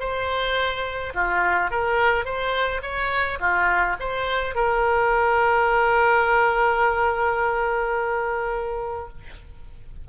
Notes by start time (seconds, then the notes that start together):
0.00 C5
1.14 F4
1.71 A#4
2.25 C5
2.82 C#5
3.40 F4
4.00 C5
4.55 A#4